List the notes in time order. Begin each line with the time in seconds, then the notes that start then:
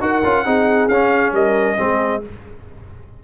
0.00 D#4 F#4 A#4 F#5
0.23 C#4 F4
0.45 C4 D#4 G#4
0.88 C#4 F5
1.32 G3 A#4 D#5
1.77 G#3 C4 G#4